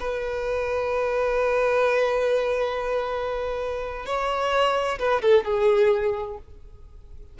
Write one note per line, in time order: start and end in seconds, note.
0.00 4.06 B4
4.06 4.99 C#5
4.99 5.22 B4
5.22 5.45 A4
5.45 6.38 G#4